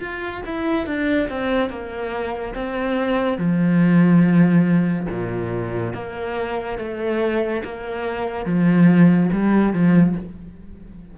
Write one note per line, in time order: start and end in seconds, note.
0.00 0.42 F4
0.46 0.86 E4
0.86 1.29 D4
1.29 1.70 C4
1.70 2.55 A#3
2.55 3.38 C4
3.38 5.07 F3
5.10 5.94 A#2
5.94 6.78 A#3
6.78 7.63 A3
7.65 8.46 A#3
8.46 9.30 F3
9.33 9.73 G3
9.73 10.16 F3